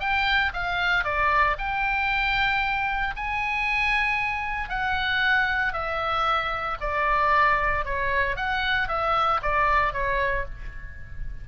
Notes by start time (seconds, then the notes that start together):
0.00 G5
0.53 F5
1.04 D5
1.58 G5
3.16 G#5
4.69 F#5
5.73 E5
6.81 D5
7.85 C#5
8.36 F#5
8.88 E5
9.42 D5
9.93 C#5